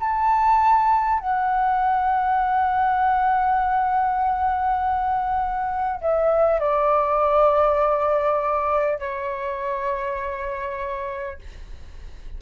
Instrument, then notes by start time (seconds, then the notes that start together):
flute
0.00 A5
1.20 F#5
6.01 E5
6.60 D5
8.99 C#5